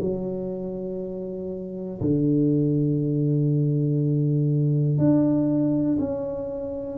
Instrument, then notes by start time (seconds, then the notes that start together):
tuba
0.00 F#3
2.01 D3
4.98 D4
5.99 C#4